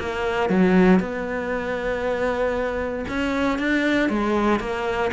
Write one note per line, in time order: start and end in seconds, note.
0.00 0.50 A#3
0.50 1.00 F#3
1.00 3.05 B3
3.09 3.59 C#4
3.59 4.10 D4
4.10 4.60 G#3
4.60 5.11 A#3